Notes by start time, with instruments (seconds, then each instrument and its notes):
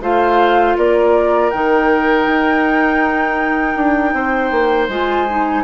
0.00 bassoon A3, clarinet F4, oboe C5, flute F5
0.77 bassoon A#3, oboe A#4, flute D5
1.50 bassoon D#3, clarinet D#4, flute G5
2.27 bassoon D#4
3.76 bassoon D4
4.13 bassoon C4, oboe C5
4.51 bassoon A#3
4.88 bassoon G#3, clarinet F4, flute G#5
5.29 clarinet D#4